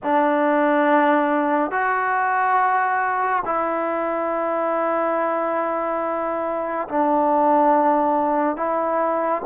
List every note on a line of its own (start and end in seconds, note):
0.03 1.71 D4
1.71 3.42 F#4
3.45 6.88 E4
6.88 8.56 D4
8.56 9.42 E4